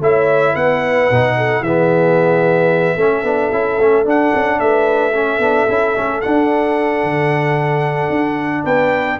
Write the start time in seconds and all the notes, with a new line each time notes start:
0.00 A3 E4 C#5 E5
0.53 B3 B4 F#5
1.11 B2 D#4
1.37 A4
1.60 E3 G#4 E5
1.66 B3
2.95 A3 C#4 A4
3.23 B3 D4
3.52 C#4 E4
3.78 A3 C#4
4.05 D4 F#5
4.35 C#4
4.60 A3 B4 E5
5.14 C#4 A4
5.38 B3 D4
5.69 C#4 E4
5.95 A3 C#4
6.21 D4 F#5
7.04 D3
8.09 D4
8.63 B3 B4 G5